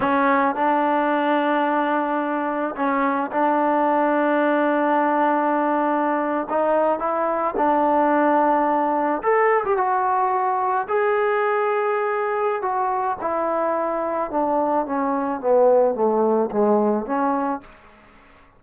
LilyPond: \new Staff \with { instrumentName = "trombone" } { \time 4/4 \tempo 4 = 109 cis'4 d'2.~ | d'4 cis'4 d'2~ | d'2.~ d'8. dis'16~ | dis'8. e'4 d'2~ d'16~ |
d'8. a'8. g'16 fis'2 gis'16~ | gis'2. fis'4 | e'2 d'4 cis'4 | b4 a4 gis4 cis'4 | }